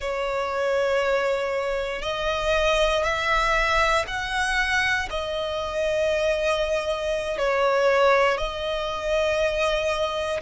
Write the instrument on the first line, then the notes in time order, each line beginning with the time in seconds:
violin
0.00 C#5
2.02 D#5
3.03 E5
4.07 F#5
5.10 D#5
7.38 C#5
8.37 D#5